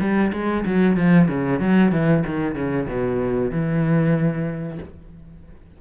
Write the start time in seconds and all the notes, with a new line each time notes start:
0.00 G3
0.32 G#3
0.66 F#3
0.96 F3
1.28 C#3
1.60 F#3
1.92 E3
2.26 D#3
2.55 C#3
2.88 B2
3.51 E3